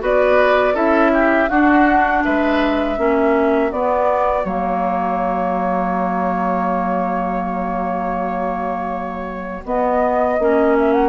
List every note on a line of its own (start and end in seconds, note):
0.00 0.75 B3
0.00 0.74 F#4
0.00 0.74 B4
0.00 0.76 D5
0.74 1.49 C#4
0.74 1.48 E4
0.74 1.11 A4
0.74 1.49 E5
1.14 1.50 G4
1.49 2.24 D4
1.49 2.97 D4
1.49 2.24 F#4
1.49 2.23 F#5
2.24 2.98 G#3
2.24 2.99 B4
2.24 3.72 E5
2.97 3.72 A#3
2.97 3.71 C#4
2.97 11.09 F#4
3.72 4.44 B3
3.72 4.45 D5
4.44 9.63 F#3
4.44 9.63 A#3
4.44 9.64 C#5
9.64 10.38 B3
9.64 10.39 B3
9.64 10.77 D#5
10.39 11.09 A#3
10.39 11.09 C#4
10.79 10.93 E5
10.93 11.09 F#5